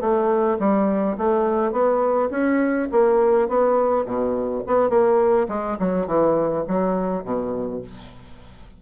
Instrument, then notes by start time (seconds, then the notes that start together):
bassoon
0.00 A3
0.59 G3
1.17 A3
1.72 B3
2.31 C#4
2.91 A#3
3.49 B3
4.05 B2
4.67 B3
4.89 A#3
5.48 G#3
5.79 F#3
6.07 E3
6.67 F#3
7.24 B2